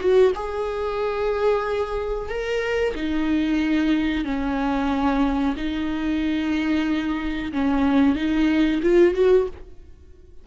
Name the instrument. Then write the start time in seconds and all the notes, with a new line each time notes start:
viola
0.00 F#4
0.35 G#4
2.29 A#4
2.95 D#4
4.25 C#4
5.57 D#4
7.53 C#4
8.16 D#4
8.83 F4
9.15 F#4